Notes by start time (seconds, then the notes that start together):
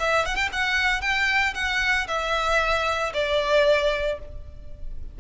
0.00 E5
0.26 F#5
0.36 G5
0.53 F#5
1.02 G5
1.55 F#5
2.08 E5
3.14 D5